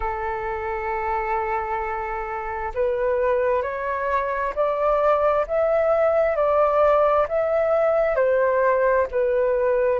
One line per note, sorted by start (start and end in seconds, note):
0.00 2.72 A4
2.74 3.62 B4
3.62 4.53 C#5
4.55 5.45 D5
5.47 6.36 E5
6.36 7.26 D5
7.28 8.15 E5
8.15 9.06 C5
9.11 9.99 B4